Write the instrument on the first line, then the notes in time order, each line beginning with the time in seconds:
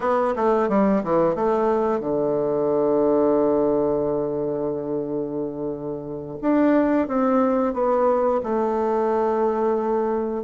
bassoon
0.00 B3
0.36 A3
0.69 G3
1.03 E3
1.35 A3
1.99 D3
6.41 D4
7.07 C4
7.73 B3
8.43 A3